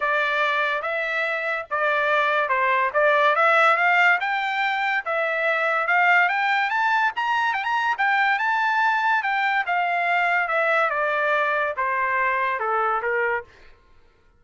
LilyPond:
\new Staff \with { instrumentName = "trumpet" } { \time 4/4 \tempo 4 = 143 d''2 e''2 | d''2 c''4 d''4 | e''4 f''4 g''2 | e''2 f''4 g''4 |
a''4 ais''4 g''16 ais''8. g''4 | a''2 g''4 f''4~ | f''4 e''4 d''2 | c''2 a'4 ais'4 | }